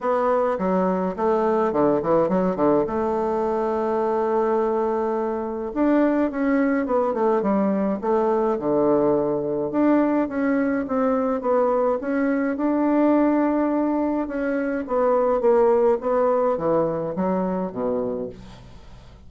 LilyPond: \new Staff \with { instrumentName = "bassoon" } { \time 4/4 \tempo 4 = 105 b4 fis4 a4 d8 e8 | fis8 d8 a2.~ | a2 d'4 cis'4 | b8 a8 g4 a4 d4~ |
d4 d'4 cis'4 c'4 | b4 cis'4 d'2~ | d'4 cis'4 b4 ais4 | b4 e4 fis4 b,4 | }